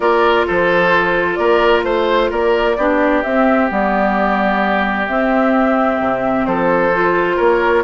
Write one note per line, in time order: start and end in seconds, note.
0.00 0.46 A#3
0.00 2.77 F4
0.00 0.46 A#4
0.00 0.46 D5
0.46 1.38 F3
0.46 1.38 A4
0.46 1.35 C5
1.35 1.84 A#3
1.35 1.84 A#4
1.35 1.81 D5
1.84 2.30 A3
1.84 2.30 C5
2.30 2.77 A#3
2.30 2.76 A#4
2.30 3.22 D5
2.77 3.23 B3
2.77 3.24 D4
2.77 6.46 G4
3.22 3.68 C4
3.22 3.70 C4
3.22 3.69 E5
3.68 5.08 G3
3.68 5.06 B3
3.68 5.07 D5
5.07 6.92 C4
5.07 5.99 C4
5.07 6.45 E5
5.99 6.46 C3
6.45 7.39 F3
6.45 7.36 A4
6.45 7.37 C5
6.92 7.84 F4
7.36 7.84 A#3
7.36 7.82 A#4
7.36 7.84 C#5